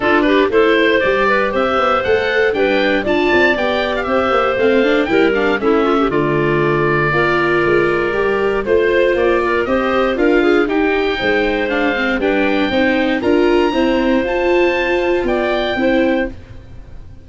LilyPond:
<<
  \new Staff \with { instrumentName = "oboe" } { \time 4/4 \tempo 4 = 118 a'8 b'8 c''4 d''4 e''4 | fis''4 g''4 a''4 g''8. f''16 | e''4 f''4 g''8 f''8 e''4 | d''1~ |
d''4 c''4 d''4 dis''4 | f''4 g''2 f''4 | g''2 ais''2 | a''2 g''2 | }
  \new Staff \with { instrumentName = "clarinet" } { \time 4/4 f'8 g'8 a'8 c''4 b'8 c''4~ | c''4 b'4 d''2 | c''2 ais'4 e'8 f'16 g'16 | f'2 ais'2~ |
ais'4 c''4. ais'8 c''4 | ais'8 gis'8 g'4 c''2 | b'4 c''4 ais'4 c''4~ | c''2 d''4 c''4 | }
  \new Staff \with { instrumentName = "viola" } { \time 4/4 d'4 e'4 g'2 | a'4 d'4 f'4 g'4~ | g'4 c'8 d'8 e'8 d'8 cis'4 | a2 f'2 |
g'4 f'2 g'4 | f'4 dis'2 d'8 c'8 | d'4 dis'4 f'4 c'4 | f'2. e'4 | }
  \new Staff \with { instrumentName = "tuba" } { \time 4/4 d'4 a4 g4 c'8 b8 | a4 g4 d'8 c'8 b4 | c'8 ais8 a4 g4 a4 | d2 ais4 gis4 |
g4 a4 ais4 c'4 | d'4 dis'4 gis2 | g4 c'4 d'4 e'4 | f'2 b4 c'4 | }
>>